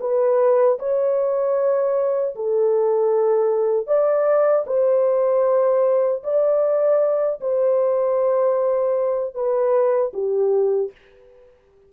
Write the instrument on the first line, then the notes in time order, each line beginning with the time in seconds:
horn
0.00 B4
0.79 C#5
2.36 A4
3.87 D5
4.67 C5
6.23 D5
7.41 C5
9.34 B4
10.13 G4